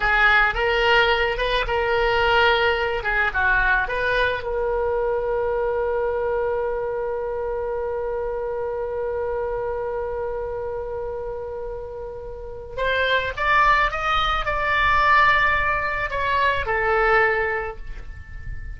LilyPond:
\new Staff \with { instrumentName = "oboe" } { \time 4/4 \tempo 4 = 108 gis'4 ais'4. b'8 ais'4~ | ais'4. gis'8 fis'4 b'4 | ais'1~ | ais'1~ |
ais'1~ | ais'2. c''4 | d''4 dis''4 d''2~ | d''4 cis''4 a'2 | }